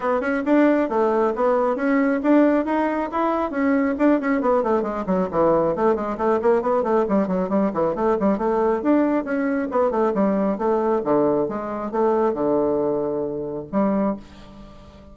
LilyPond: \new Staff \with { instrumentName = "bassoon" } { \time 4/4 \tempo 4 = 136 b8 cis'8 d'4 a4 b4 | cis'4 d'4 dis'4 e'4 | cis'4 d'8 cis'8 b8 a8 gis8 fis8 | e4 a8 gis8 a8 ais8 b8 a8 |
g8 fis8 g8 e8 a8 g8 a4 | d'4 cis'4 b8 a8 g4 | a4 d4 gis4 a4 | d2. g4 | }